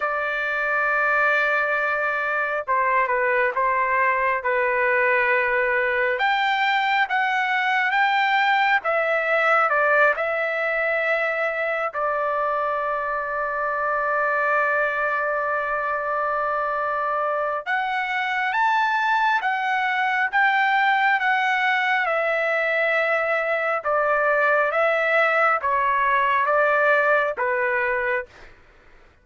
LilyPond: \new Staff \with { instrumentName = "trumpet" } { \time 4/4 \tempo 4 = 68 d''2. c''8 b'8 | c''4 b'2 g''4 | fis''4 g''4 e''4 d''8 e''8~ | e''4. d''2~ d''8~ |
d''1 | fis''4 a''4 fis''4 g''4 | fis''4 e''2 d''4 | e''4 cis''4 d''4 b'4 | }